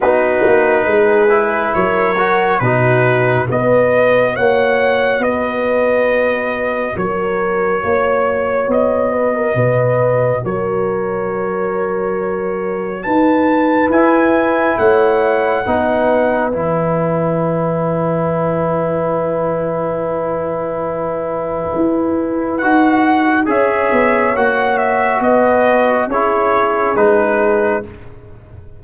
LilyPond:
<<
  \new Staff \with { instrumentName = "trumpet" } { \time 4/4 \tempo 4 = 69 b'2 cis''4 b'4 | dis''4 fis''4 dis''2 | cis''2 dis''2 | cis''2. a''4 |
gis''4 fis''2 gis''4~ | gis''1~ | gis''2 fis''4 e''4 | fis''8 e''8 dis''4 cis''4 b'4 | }
  \new Staff \with { instrumentName = "horn" } { \time 4/4 fis'4 gis'4 ais'4 fis'4 | b'4 cis''4 b'2 | ais'4 cis''4. b'16 ais'16 b'4 | ais'2. b'4~ |
b'4 cis''4 b'2~ | b'1~ | b'2. cis''4~ | cis''4 b'4 gis'2 | }
  \new Staff \with { instrumentName = "trombone" } { \time 4/4 dis'4. e'4 fis'8 dis'4 | fis'1~ | fis'1~ | fis'1 |
e'2 dis'4 e'4~ | e'1~ | e'2 fis'4 gis'4 | fis'2 e'4 dis'4 | }
  \new Staff \with { instrumentName = "tuba" } { \time 4/4 b8 ais8 gis4 fis4 b,4 | b4 ais4 b2 | fis4 ais4 b4 b,4 | fis2. dis'4 |
e'4 a4 b4 e4~ | e1~ | e4 e'4 dis'4 cis'8 b8 | ais4 b4 cis'4 gis4 | }
>>